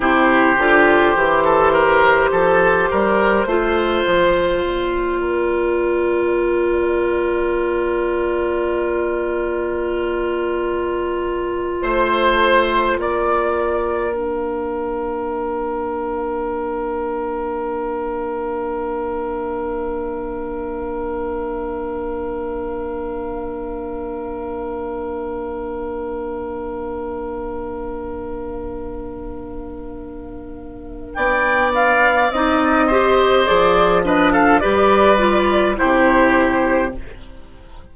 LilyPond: <<
  \new Staff \with { instrumentName = "flute" } { \time 4/4 \tempo 4 = 52 c''1 | d''1~ | d''2~ d''16 c''4 d''8.~ | d''16 f''2.~ f''8.~ |
f''1~ | f''1~ | f''2. g''8 f''8 | dis''4 d''8 dis''16 f''16 d''4 c''4 | }
  \new Staff \with { instrumentName = "oboe" } { \time 4/4 g'4~ g'16 a'16 ais'8 a'8 ais'8 c''4~ | c''8 ais'2.~ ais'8~ | ais'2~ ais'16 c''4 ais'8.~ | ais'1~ |
ais'1~ | ais'1~ | ais'2. d''4~ | d''8 c''4 b'16 a'16 b'4 g'4 | }
  \new Staff \with { instrumentName = "clarinet" } { \time 4/4 e'8 f'8 g'2 f'4~ | f'1~ | f'1~ | f'16 d'2.~ d'8.~ |
d'1~ | d'1~ | d'1 | dis'8 g'8 gis'8 d'8 g'8 f'8 e'4 | }
  \new Staff \with { instrumentName = "bassoon" } { \time 4/4 c8 d8 e4 f8 g8 a8 f8 | ais1~ | ais2~ ais16 a4 ais8.~ | ais1~ |
ais1~ | ais1~ | ais2. b4 | c'4 f4 g4 c4 | }
>>